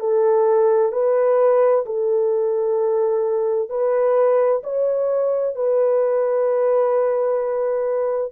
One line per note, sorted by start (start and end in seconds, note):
0.00 0.92 A4
0.92 1.85 B4
1.86 3.69 A4
3.69 4.62 B4
4.63 5.55 C#5
5.55 8.32 B4